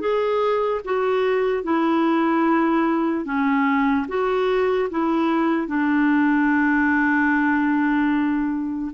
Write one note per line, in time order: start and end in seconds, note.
0.00 0.81 G#4
0.85 1.64 F#4
1.64 3.25 E4
3.25 4.06 C#4
4.08 4.89 F#4
4.90 5.68 E4
5.68 8.92 D4